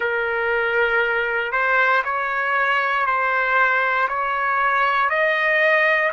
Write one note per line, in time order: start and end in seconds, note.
0.00 1.52 A#4
1.52 2.02 C5
2.04 3.06 C#5
3.06 4.07 C5
4.08 5.09 C#5
5.09 6.11 D#5